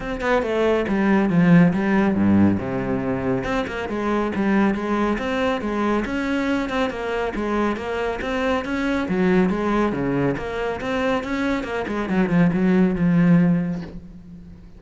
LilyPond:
\new Staff \with { instrumentName = "cello" } { \time 4/4 \tempo 4 = 139 c'8 b8 a4 g4 f4 | g4 g,4 c2 | c'8 ais8 gis4 g4 gis4 | c'4 gis4 cis'4. c'8 |
ais4 gis4 ais4 c'4 | cis'4 fis4 gis4 cis4 | ais4 c'4 cis'4 ais8 gis8 | fis8 f8 fis4 f2 | }